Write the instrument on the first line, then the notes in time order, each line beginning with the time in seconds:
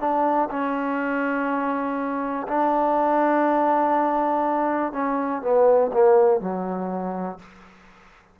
trombone
0.00 D4
0.51 C#4
2.48 D4
4.92 C#4
5.42 B3
5.93 A#3
6.41 F#3